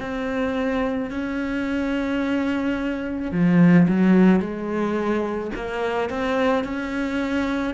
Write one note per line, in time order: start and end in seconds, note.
0.00 1.11 C4
1.11 3.32 C#4
3.32 3.88 F3
3.88 4.40 F#3
4.40 5.52 G#3
5.56 6.10 A#3
6.10 6.65 C4
6.65 7.75 C#4